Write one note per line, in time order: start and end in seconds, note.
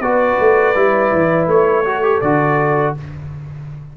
0.00 0.37 B3
0.00 0.75 F#4
0.00 1.85 B4
0.00 1.47 D5
0.39 0.75 A3
0.75 1.12 G3
0.75 1.84 E4
1.12 1.47 E3
1.47 2.20 A3
1.47 2.21 C#5
1.85 2.02 F#4
1.85 2.96 A4
2.02 2.21 G4
2.21 2.95 D3
2.21 2.97 F#4
2.21 2.94 D5